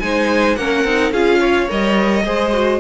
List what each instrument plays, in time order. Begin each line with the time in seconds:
0.00 cello G#3, viola D#4, violin C5 G#5
0.56 cello A#3, viola C#4, violin A#4 F#5
0.84 cello C4, viola D#4
1.12 cello C#4, viola F4, violin G#4 F5
1.40 violin C#5
1.68 cello G3, viola A#4, violin D#5
2.25 cello G#3, viola G#4, violin C5
2.53 viola F#4